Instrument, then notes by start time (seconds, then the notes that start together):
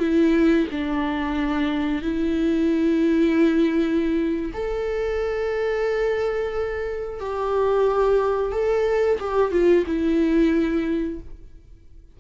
viola
0.00 E4
0.72 D4
2.02 E4
4.54 A4
7.20 G4
8.52 A4
9.20 G4
9.52 F4
9.87 E4